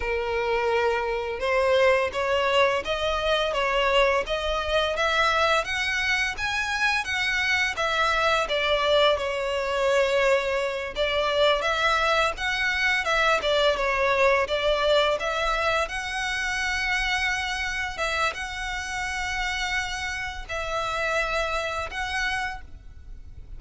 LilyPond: \new Staff \with { instrumentName = "violin" } { \time 4/4 \tempo 4 = 85 ais'2 c''4 cis''4 | dis''4 cis''4 dis''4 e''4 | fis''4 gis''4 fis''4 e''4 | d''4 cis''2~ cis''8 d''8~ |
d''8 e''4 fis''4 e''8 d''8 cis''8~ | cis''8 d''4 e''4 fis''4.~ | fis''4. e''8 fis''2~ | fis''4 e''2 fis''4 | }